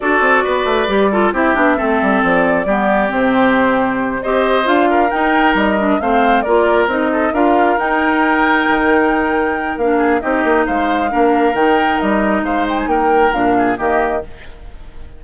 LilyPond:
<<
  \new Staff \with { instrumentName = "flute" } { \time 4/4 \tempo 4 = 135 d''2. e''4~ | e''4 d''2 c''4~ | c''4. dis''4 f''4 g''8~ | g''8 dis''4 f''4 d''4 dis''8~ |
dis''8 f''4 g''2~ g''8~ | g''2 f''4 dis''4 | f''2 g''4 dis''4 | f''8 g''16 gis''16 g''4 f''4 dis''4 | }
  \new Staff \with { instrumentName = "oboe" } { \time 4/4 a'4 b'4. a'8 g'4 | a'2 g'2~ | g'4. c''4. ais'4~ | ais'4. c''4 ais'4. |
a'8 ais'2.~ ais'8~ | ais'2~ ais'8 gis'8 g'4 | c''4 ais'2. | c''4 ais'4. gis'8 g'4 | }
  \new Staff \with { instrumentName = "clarinet" } { \time 4/4 fis'2 g'8 f'8 e'8 d'8 | c'2 b4 c'4~ | c'4. g'4 f'4 dis'8~ | dis'4 d'8 c'4 f'4 dis'8~ |
dis'8 f'4 dis'2~ dis'8~ | dis'2 d'4 dis'4~ | dis'4 d'4 dis'2~ | dis'2 d'4 ais4 | }
  \new Staff \with { instrumentName = "bassoon" } { \time 4/4 d'8 c'8 b8 a8 g4 c'8 b8 | a8 g8 f4 g4 c4~ | c4. c'4 d'4 dis'8~ | dis'8 g4 a4 ais4 c'8~ |
c'8 d'4 dis'2 dis8~ | dis2 ais4 c'8 ais8 | gis4 ais4 dis4 g4 | gis4 ais4 ais,4 dis4 | }
>>